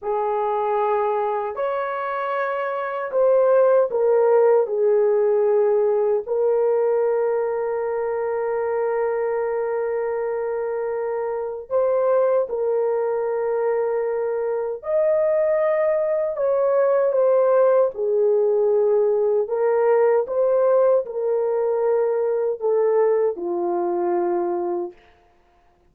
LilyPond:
\new Staff \with { instrumentName = "horn" } { \time 4/4 \tempo 4 = 77 gis'2 cis''2 | c''4 ais'4 gis'2 | ais'1~ | ais'2. c''4 |
ais'2. dis''4~ | dis''4 cis''4 c''4 gis'4~ | gis'4 ais'4 c''4 ais'4~ | ais'4 a'4 f'2 | }